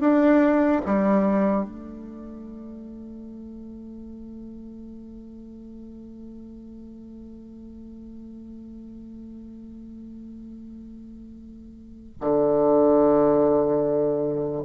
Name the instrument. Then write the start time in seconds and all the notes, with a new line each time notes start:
bassoon
0.00 D4
0.86 G3
1.64 A3
12.21 D3